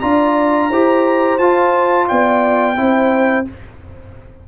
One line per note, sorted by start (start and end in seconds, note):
0.00 0.70 D4
0.00 0.71 F4
0.00 0.69 D5
0.00 1.38 A#5
0.69 1.38 E4
0.69 1.40 G4
0.69 2.07 C5
1.38 2.07 F4
1.38 2.76 F4
1.38 2.07 A5
2.08 2.77 B3
2.08 2.77 D5
2.08 3.46 G5
2.76 3.46 C4
2.76 3.45 E4
2.76 3.48 C5